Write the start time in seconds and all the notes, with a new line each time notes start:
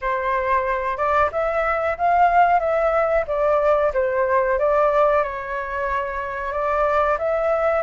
0.01 C5
0.97 D5
1.32 E5
1.97 F5
2.59 E5
3.27 D5
3.93 C5
4.58 D5
5.23 C#5
6.52 D5
7.18 E5